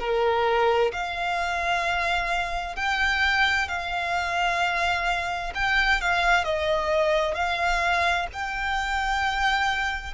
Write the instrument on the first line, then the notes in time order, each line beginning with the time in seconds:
violin
0.00 A#4
0.93 F5
2.77 G5
3.69 F5
5.55 G5
6.02 F5
6.44 D#5
7.35 F5
8.33 G5